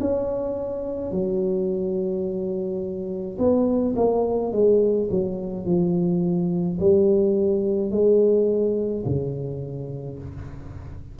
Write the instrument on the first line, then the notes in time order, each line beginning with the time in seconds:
tuba
0.00 C#4
1.11 F#3
3.38 B3
3.95 A#3
4.52 G#3
5.10 F#3
5.65 F3
6.80 G3
7.91 G#3
9.05 C#3